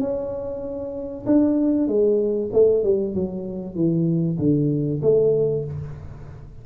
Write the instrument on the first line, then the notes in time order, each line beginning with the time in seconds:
tuba
0.00 C#4
1.26 D4
1.88 G#3
2.53 A3
2.84 G3
3.14 F#3
3.75 E3
4.38 D3
5.02 A3